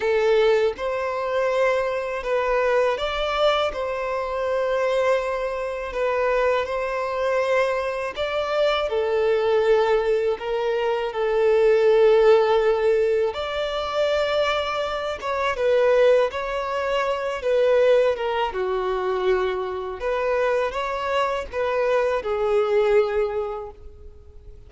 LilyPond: \new Staff \with { instrumentName = "violin" } { \time 4/4 \tempo 4 = 81 a'4 c''2 b'4 | d''4 c''2. | b'4 c''2 d''4 | a'2 ais'4 a'4~ |
a'2 d''2~ | d''8 cis''8 b'4 cis''4. b'8~ | b'8 ais'8 fis'2 b'4 | cis''4 b'4 gis'2 | }